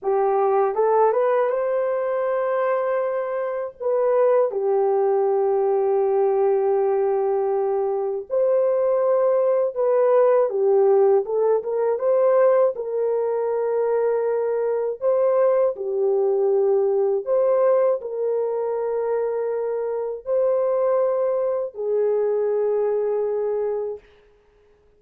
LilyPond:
\new Staff \with { instrumentName = "horn" } { \time 4/4 \tempo 4 = 80 g'4 a'8 b'8 c''2~ | c''4 b'4 g'2~ | g'2. c''4~ | c''4 b'4 g'4 a'8 ais'8 |
c''4 ais'2. | c''4 g'2 c''4 | ais'2. c''4~ | c''4 gis'2. | }